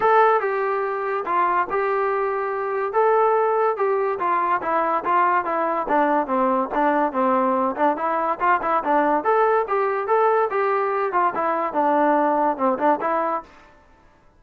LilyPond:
\new Staff \with { instrumentName = "trombone" } { \time 4/4 \tempo 4 = 143 a'4 g'2 f'4 | g'2. a'4~ | a'4 g'4 f'4 e'4 | f'4 e'4 d'4 c'4 |
d'4 c'4. d'8 e'4 | f'8 e'8 d'4 a'4 g'4 | a'4 g'4. f'8 e'4 | d'2 c'8 d'8 e'4 | }